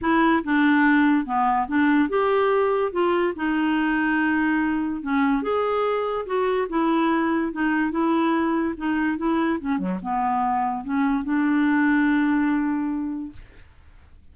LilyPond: \new Staff \with { instrumentName = "clarinet" } { \time 4/4 \tempo 4 = 144 e'4 d'2 b4 | d'4 g'2 f'4 | dis'1 | cis'4 gis'2 fis'4 |
e'2 dis'4 e'4~ | e'4 dis'4 e'4 cis'8 fis8 | b2 cis'4 d'4~ | d'1 | }